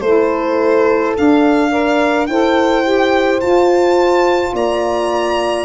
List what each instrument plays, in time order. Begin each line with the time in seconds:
0.00 tuba A3, saxophone E4, horn A4, violin C5
1.15 saxophone D4, tuba D4, violin F5
1.71 saxophone A#4, horn D5
2.26 tuba E4, saxophone A4, horn C5, violin G5
2.83 saxophone G4
3.40 tuba F4, saxophone F4, violin A5
4.53 tuba A#3, horn D5, violin A#5